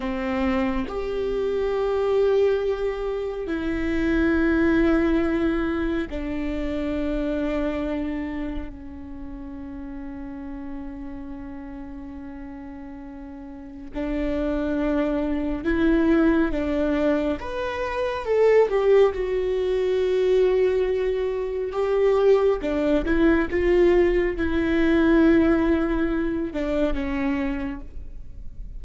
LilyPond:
\new Staff \with { instrumentName = "viola" } { \time 4/4 \tempo 4 = 69 c'4 g'2. | e'2. d'4~ | d'2 cis'2~ | cis'1 |
d'2 e'4 d'4 | b'4 a'8 g'8 fis'2~ | fis'4 g'4 d'8 e'8 f'4 | e'2~ e'8 d'8 cis'4 | }